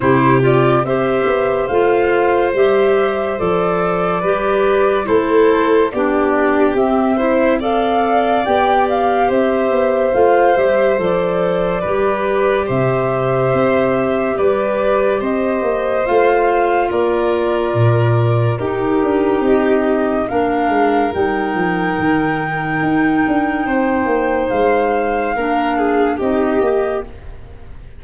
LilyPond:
<<
  \new Staff \with { instrumentName = "flute" } { \time 4/4 \tempo 4 = 71 c''8 d''8 e''4 f''4 e''4 | d''2 c''4 d''4 | e''4 f''4 g''8 f''8 e''4 | f''8 e''8 d''2 e''4~ |
e''4 d''4 dis''4 f''4 | d''2 ais'4 dis''4 | f''4 g''2.~ | g''4 f''2 dis''4 | }
  \new Staff \with { instrumentName = "violin" } { \time 4/4 g'4 c''2.~ | c''4 b'4 a'4 g'4~ | g'8 c''8 d''2 c''4~ | c''2 b'4 c''4~ |
c''4 b'4 c''2 | ais'2 g'2 | ais'1 | c''2 ais'8 gis'8 g'4 | }
  \new Staff \with { instrumentName = "clarinet" } { \time 4/4 e'8 f'8 g'4 f'4 g'4 | a'4 g'4 e'4 d'4 | c'8 e'8 a'4 g'2 | f'8 g'8 a'4 g'2~ |
g'2. f'4~ | f'2 dis'2 | d'4 dis'2.~ | dis'2 d'4 dis'8 g'8 | }
  \new Staff \with { instrumentName = "tuba" } { \time 4/4 c4 c'8 b8 a4 g4 | f4 g4 a4 b4 | c'2 b4 c'8 b8 | a8 g8 f4 g4 c4 |
c'4 g4 c'8 ais8 a4 | ais4 ais,4 dis'8 d'8 c'4 | ais8 gis8 g8 f8 dis4 dis'8 d'8 | c'8 ais8 gis4 ais4 c'8 ais8 | }
>>